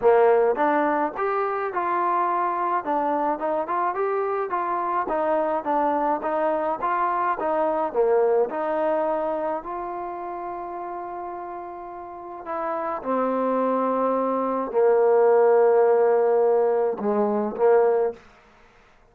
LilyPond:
\new Staff \with { instrumentName = "trombone" } { \time 4/4 \tempo 4 = 106 ais4 d'4 g'4 f'4~ | f'4 d'4 dis'8 f'8 g'4 | f'4 dis'4 d'4 dis'4 | f'4 dis'4 ais4 dis'4~ |
dis'4 f'2.~ | f'2 e'4 c'4~ | c'2 ais2~ | ais2 gis4 ais4 | }